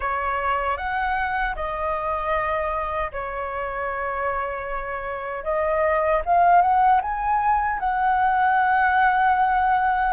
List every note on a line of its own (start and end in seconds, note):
0.00 0.77 C#5
0.77 1.55 F#5
1.55 3.11 D#5
3.12 5.44 C#5
5.44 6.22 D#5
6.25 6.61 F5
6.61 7.00 F#5
7.01 7.79 G#5
7.79 10.13 F#5